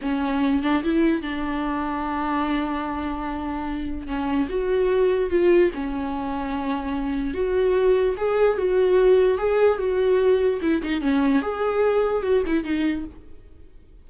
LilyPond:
\new Staff \with { instrumentName = "viola" } { \time 4/4 \tempo 4 = 147 cis'4. d'8 e'4 d'4~ | d'1~ | d'2 cis'4 fis'4~ | fis'4 f'4 cis'2~ |
cis'2 fis'2 | gis'4 fis'2 gis'4 | fis'2 e'8 dis'8 cis'4 | gis'2 fis'8 e'8 dis'4 | }